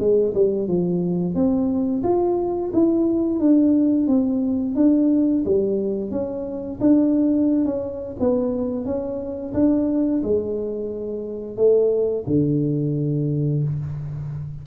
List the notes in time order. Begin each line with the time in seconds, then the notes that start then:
0.00 G#3
0.35 G3
0.68 F3
1.35 C4
2.04 F4
2.74 E4
3.40 D4
4.08 C4
4.76 D4
5.46 G3
6.11 C#4
6.81 D4
7.66 C#4
8.20 B3
8.85 C#4
9.54 D4
10.24 G#3
11.57 A3
12.27 D3